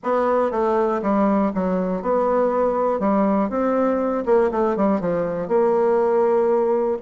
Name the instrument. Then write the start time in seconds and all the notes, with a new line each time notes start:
bassoon
0.03 B3
0.51 A3
1.02 G3
1.54 F#3
2.01 B3
2.99 G3
3.49 C4
4.25 A#3
4.51 A3
4.76 G3
5.00 F3
5.47 A#3